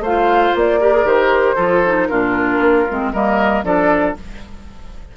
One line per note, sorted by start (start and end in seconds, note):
0.00 0.52 A3
0.00 0.80 C5
0.00 0.56 F5
0.06 0.81 F4
0.55 1.04 A#3
0.55 1.08 D5
0.81 0.94 G4
0.81 1.56 A#4
0.94 1.05 G#4
1.04 1.56 D#3
1.04 1.56 G4
1.04 2.07 C5
1.56 2.09 F3
1.56 1.82 F4
1.56 2.07 A4
1.86 2.10 D#4
2.07 2.59 A#2
2.07 2.88 D4
2.07 3.12 F4
2.07 3.11 A#4
2.59 2.85 A#3
2.89 3.13 G#3
2.89 3.14 C4
3.12 3.64 G3
3.12 3.64 A#3
3.12 3.65 A#4
3.12 3.64 D#5
3.64 4.16 F3
3.64 4.16 D4
3.64 4.17 A4
3.64 4.17 D5